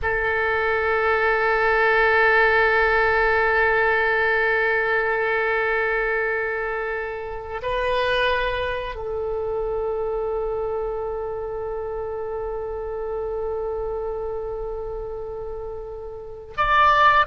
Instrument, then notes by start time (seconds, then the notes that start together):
oboe
0.02 A4
7.62 B4
8.95 A4
16.57 D5